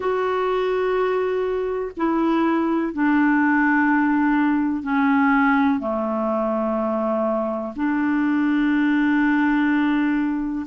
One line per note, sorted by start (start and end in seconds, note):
0.00 1.91 F#4
1.97 2.93 E4
2.93 4.83 D4
4.83 5.79 C#4
5.79 7.73 A3
7.76 10.66 D4